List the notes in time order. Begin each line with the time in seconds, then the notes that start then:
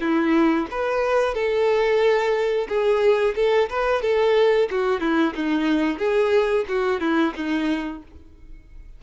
0.00 E4
0.71 B4
1.34 A4
2.68 G#4
3.35 A4
3.70 B4
4.02 A4
4.70 F#4
5.00 E4
5.35 D#4
5.98 G#4
6.68 F#4
7.00 E4
7.36 D#4